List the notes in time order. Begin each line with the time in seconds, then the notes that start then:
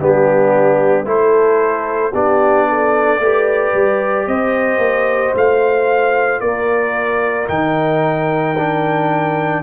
0.00 G3 B3 D4 G4
1.05 A3 E4 A4 C5
2.14 B3 D4 G4 D5
2.69 A4
3.19 A3 G4 B4
3.74 G3
4.27 C4 C5 D#5
4.78 A#3
5.35 A3 F4 F5
6.40 A#3 A#4 D5
7.49 D#3 D#4 G5
8.58 D4